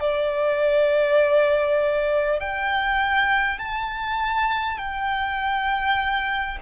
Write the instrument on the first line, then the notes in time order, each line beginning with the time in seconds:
violin
0.00 D5
2.39 G5
3.58 A5
4.78 G5